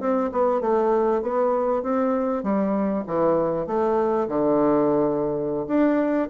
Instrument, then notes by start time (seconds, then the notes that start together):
bassoon
0.00 C4
0.32 B3
0.61 A3
1.22 B3
1.83 C4
2.43 G3
3.07 E3
3.67 A3
4.29 D3
5.68 D4